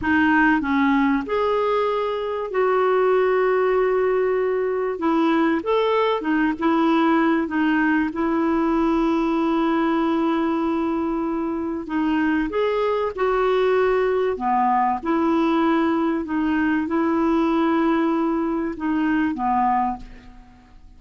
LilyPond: \new Staff \with { instrumentName = "clarinet" } { \time 4/4 \tempo 4 = 96 dis'4 cis'4 gis'2 | fis'1 | e'4 a'4 dis'8 e'4. | dis'4 e'2.~ |
e'2. dis'4 | gis'4 fis'2 b4 | e'2 dis'4 e'4~ | e'2 dis'4 b4 | }